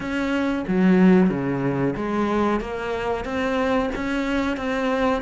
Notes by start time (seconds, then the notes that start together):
0.00 C#4
0.67 F#3
1.29 C#3
1.96 G#3
2.60 A#3
3.24 C4
3.95 C#4
4.57 C4